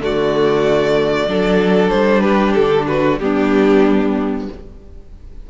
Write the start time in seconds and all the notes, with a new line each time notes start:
0.00 D3 A3 F#4 D5
1.28 F#3 D4 A4
1.90 G3 C5
2.22 G4 B4
2.55 D3 A4
2.87 F#4 B4
3.19 G3 B3 D4 G4